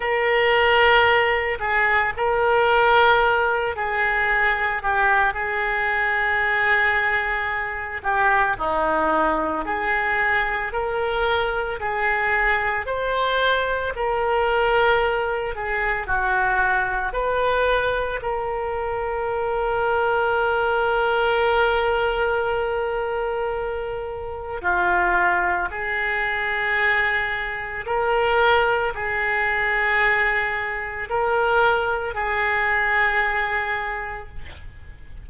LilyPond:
\new Staff \with { instrumentName = "oboe" } { \time 4/4 \tempo 4 = 56 ais'4. gis'8 ais'4. gis'8~ | gis'8 g'8 gis'2~ gis'8 g'8 | dis'4 gis'4 ais'4 gis'4 | c''4 ais'4. gis'8 fis'4 |
b'4 ais'2.~ | ais'2. f'4 | gis'2 ais'4 gis'4~ | gis'4 ais'4 gis'2 | }